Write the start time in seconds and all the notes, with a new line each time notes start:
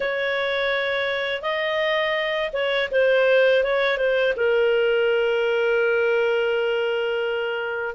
0.00 C#5
1.42 D#5
2.53 C#5
2.91 C5
3.63 C#5
3.97 C5
4.36 A#4